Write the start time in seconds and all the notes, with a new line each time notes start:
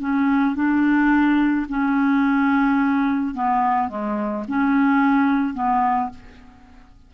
0.00 C#4
0.55 D4
1.69 C#4
3.34 B3
3.88 G#3
4.48 C#4
5.54 B3